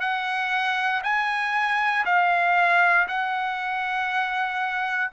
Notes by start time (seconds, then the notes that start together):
0.00 F#5
1.03 G#5
2.05 F5
3.07 F#5